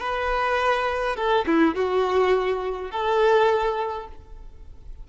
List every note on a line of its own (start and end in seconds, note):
0.00 1.17 B4
1.17 1.46 A4
1.47 1.75 E4
1.75 2.91 F#4
2.91 4.08 A4